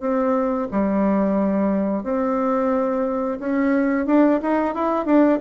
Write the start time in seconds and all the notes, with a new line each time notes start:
0.00 C4
0.71 G3
2.03 C4
3.39 C#4
4.06 D4
4.42 D#4
4.75 E4
5.05 D4